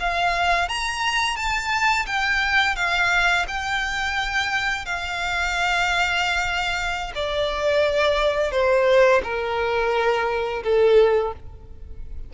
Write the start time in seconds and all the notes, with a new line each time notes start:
0.00 F5
0.69 A#5
1.36 A5
2.06 G5
2.76 F5
3.48 G5
4.86 F5
7.15 D5
8.52 C5
9.24 A#4
10.64 A4